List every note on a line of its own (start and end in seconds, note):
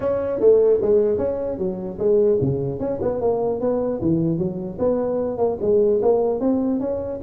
0.00 0.39 C#4
0.40 0.80 A3
0.81 1.18 G#3
1.18 1.58 C#4
1.58 1.98 F#3
1.98 2.38 G#3
2.41 2.79 C#3
2.79 2.99 C#4
3.01 3.21 B3
3.21 3.60 A#3
3.60 4.00 B3
4.01 4.38 E3
4.38 4.78 F#3
4.79 5.37 B3
5.37 5.57 A#3
5.61 6.01 G#3
6.02 6.39 A#3
6.39 6.79 C4
6.80 7.20 C#4